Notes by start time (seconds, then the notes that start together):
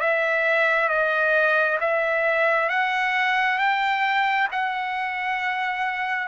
0.00 E5
0.88 D#5
1.80 E5
2.69 F#5
3.58 G5
4.51 F#5